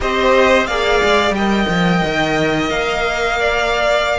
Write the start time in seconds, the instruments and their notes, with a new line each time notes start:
0.00 cello C4, viola G4, violin C5 D#5
0.66 cello A#3, viola G#4, violin D5 F5
1.03 cello G#3
1.31 cello G3, violin D#5 G5
1.37 viola A#4
1.68 cello F3
2.04 cello D#3
2.69 cello A#3, violin F5
3.40 violin D5